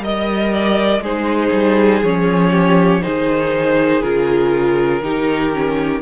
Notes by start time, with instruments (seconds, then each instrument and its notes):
0.00 cello G3, viola A#4, violin D#5
0.53 violin D5
1.00 cello G#3, viola D#4, violin G#4 C5
1.52 cello G3
2.03 cello F3, viola C#4, violin C#5
2.52 violin G4
3.02 cello D#3, viola D#4, violin G#4 C5
4.02 cello C#3, viola F4, violin A#4
5.03 cello D#3, viola D#4, violin G4
5.54 viola C#4